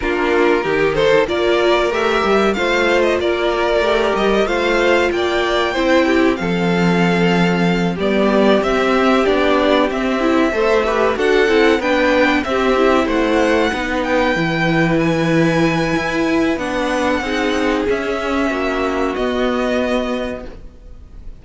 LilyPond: <<
  \new Staff \with { instrumentName = "violin" } { \time 4/4 \tempo 4 = 94 ais'4. c''8 d''4 e''4 | f''8. dis''16 d''4. dis''8 f''4 | g''2 f''2~ | f''8 d''4 e''4 d''4 e''8~ |
e''4. fis''4 g''4 e''8~ | e''8 fis''4. g''4. gis''8~ | gis''2 fis''2 | e''2 dis''2 | }
  \new Staff \with { instrumentName = "violin" } { \time 4/4 f'4 g'8 a'8 ais'2 | c''4 ais'2 c''4 | d''4 c''8 g'8 a'2~ | a'8 g'2.~ g'8~ |
g'8 c''8 b'8 a'4 b'4 g'8~ | g'8 c''4 b'2~ b'8~ | b'2~ b'8. a'16 gis'4~ | gis'4 fis'2. | }
  \new Staff \with { instrumentName = "viola" } { \time 4/4 d'4 dis'4 f'4 g'4 | f'2 g'4 f'4~ | f'4 e'4 c'2~ | c'8 b4 c'4 d'4 c'8 |
e'8 a'8 g'8 fis'8 e'8 d'4 c'8 | e'4. dis'4 e'4.~ | e'2 d'4 dis'4 | cis'2 b2 | }
  \new Staff \with { instrumentName = "cello" } { \time 4/4 ais4 dis4 ais4 a8 g8 | a4 ais4 a8 g8 a4 | ais4 c'4 f2~ | f8 g4 c'4 b4 c'8~ |
c'8 a4 d'8 c'8 b4 c'8~ | c'8 a4 b4 e4.~ | e4 e'4 b4 c'4 | cis'4 ais4 b2 | }
>>